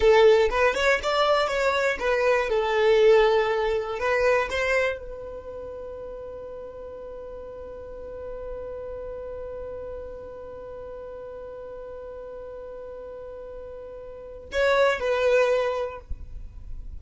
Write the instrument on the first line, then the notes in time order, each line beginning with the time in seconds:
violin
0.00 A4
0.50 B4
0.75 C#5
1.03 D5
1.47 C#5
1.99 B4
2.49 A4
3.99 B4
4.49 C5
4.99 B4
14.51 C#5
14.99 B4